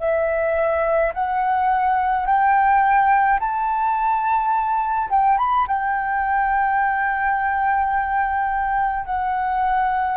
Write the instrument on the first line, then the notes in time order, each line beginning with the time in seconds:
flute
0.00 E5
1.14 F#5
2.26 G5
3.40 A5
5.10 G5
5.38 B5
5.68 G5
9.06 F#5